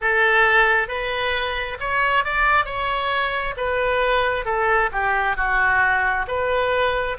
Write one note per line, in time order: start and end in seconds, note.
0.01 0.88 A4
0.88 1.77 B4
1.80 2.24 C#5
2.24 2.65 D5
2.65 3.54 C#5
3.56 4.45 B4
4.45 4.90 A4
4.92 5.36 G4
5.36 6.26 F#4
6.27 7.16 B4